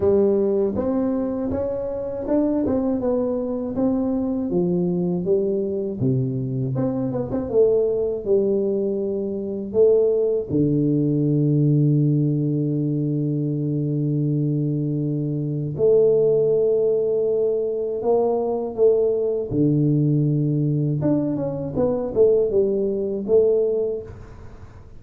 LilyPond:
\new Staff \with { instrumentName = "tuba" } { \time 4/4 \tempo 4 = 80 g4 c'4 cis'4 d'8 c'8 | b4 c'4 f4 g4 | c4 c'8 b16 c'16 a4 g4~ | g4 a4 d2~ |
d1~ | d4 a2. | ais4 a4 d2 | d'8 cis'8 b8 a8 g4 a4 | }